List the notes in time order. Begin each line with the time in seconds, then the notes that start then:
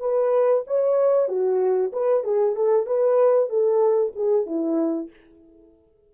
0.00 B4
0.67 C#5
1.28 F#4
1.93 B4
2.24 G#4
2.56 A4
2.86 B4
3.49 A4
4.15 G#4
4.46 E4